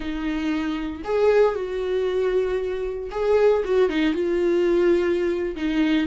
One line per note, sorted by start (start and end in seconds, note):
0.00 1.02 D#4
1.04 1.55 G#4
1.55 3.10 F#4
3.11 3.63 G#4
3.64 3.89 F#4
3.89 4.13 D#4
4.13 5.55 F4
5.56 6.06 D#4